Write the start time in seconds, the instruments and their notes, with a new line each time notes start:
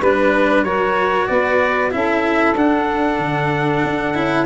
0.00 tuba G3, cello D4, saxophone B4, trumpet B4
0.63 tuba F#3, cello F#4, saxophone A#4, trumpet C#5
1.27 tuba B3, saxophone B4, trumpet D5
1.91 tuba C#4, cello E4, saxophone A4, trumpet E5
2.56 tuba D4, cello D4, trumpet F#5
3.19 tuba D3
3.84 tuba D4
4.14 tuba C#4, cello E4